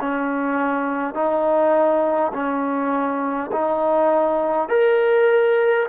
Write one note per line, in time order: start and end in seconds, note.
0.00 1.14 C#4
1.14 2.32 D#4
2.33 3.50 C#4
3.52 4.68 D#4
4.68 5.86 A#4